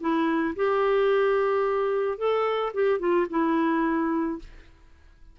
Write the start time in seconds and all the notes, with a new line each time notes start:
0.00 E4
0.56 G4
2.18 A4
2.74 G4
2.99 F4
3.30 E4